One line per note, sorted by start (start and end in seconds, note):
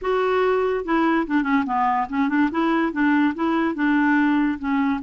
0.01 0.84 F#4
0.84 1.26 E4
1.27 1.43 D4
1.43 1.64 C#4
1.66 2.07 B3
2.09 2.29 C#4
2.29 2.49 D4
2.51 2.92 E4
2.92 3.34 D4
3.34 3.75 E4
3.75 4.58 D4
4.59 5.00 C#4